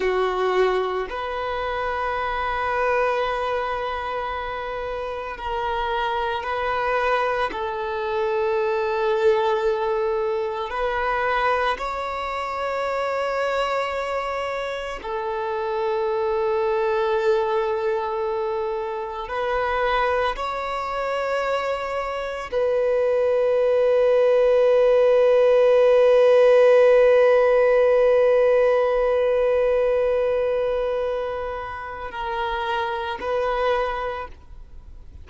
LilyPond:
\new Staff \with { instrumentName = "violin" } { \time 4/4 \tempo 4 = 56 fis'4 b'2.~ | b'4 ais'4 b'4 a'4~ | a'2 b'4 cis''4~ | cis''2 a'2~ |
a'2 b'4 cis''4~ | cis''4 b'2.~ | b'1~ | b'2 ais'4 b'4 | }